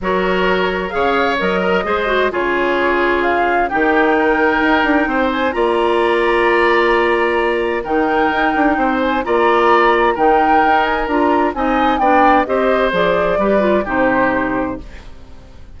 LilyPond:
<<
  \new Staff \with { instrumentName = "flute" } { \time 4/4 \tempo 4 = 130 cis''2 f''4 dis''4~ | dis''4 cis''2 f''4 | g''2.~ g''8 gis''8 | ais''1~ |
ais''4 g''2~ g''8 gis''8 | ais''2 g''4. gis''8 | ais''4 gis''4 g''4 dis''4 | d''2 c''2 | }
  \new Staff \with { instrumentName = "oboe" } { \time 4/4 ais'2 cis''4. ais'8 | c''4 gis'2. | g'4 ais'2 c''4 | d''1~ |
d''4 ais'2 c''4 | d''2 ais'2~ | ais'4 dis''4 d''4 c''4~ | c''4 b'4 g'2 | }
  \new Staff \with { instrumentName = "clarinet" } { \time 4/4 fis'2 gis'4 ais'4 | gis'8 fis'8 f'2. | dis'1 | f'1~ |
f'4 dis'2. | f'2 dis'2 | f'4 dis'4 d'4 g'4 | gis'4 g'8 f'8 dis'2 | }
  \new Staff \with { instrumentName = "bassoon" } { \time 4/4 fis2 cis4 fis4 | gis4 cis2. | dis2 dis'8 d'8 c'4 | ais1~ |
ais4 dis4 dis'8 d'8 c'4 | ais2 dis4 dis'4 | d'4 c'4 b4 c'4 | f4 g4 c2 | }
>>